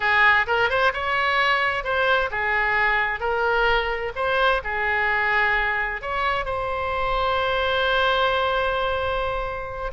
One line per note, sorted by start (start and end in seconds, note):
0.00 0.46 G#4
0.46 0.69 A#4
0.69 0.92 C5
0.93 1.83 C#5
1.83 2.30 C5
2.31 3.20 G#4
3.20 4.12 A#4
4.15 4.61 C5
4.64 6.01 G#4
6.01 6.45 C#5
6.45 9.91 C5